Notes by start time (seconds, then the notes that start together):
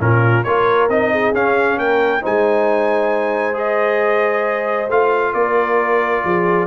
0.00 A#2 C#4 F4 A#4
0.44 A#3 F4 A#4 C#5
0.88 C4 D#4 D#5
1.11 G#4
1.33 C#4 F5
1.77 A#3 A#4 G5
2.21 G#3 D#4 C5 G#5
3.53 G#4 D#5
4.89 A3 F4 F5
5.34 A#3 A#4 D5
6.24 F3 G#4